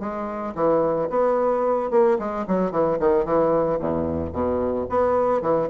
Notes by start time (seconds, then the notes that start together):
0.00 G#3
0.55 E3
1.10 B3
1.91 A#3
2.19 G#3
2.47 F#3
2.71 E3
3.00 D#3
3.25 E3
3.80 E2
4.32 B2
4.89 B3
5.42 E3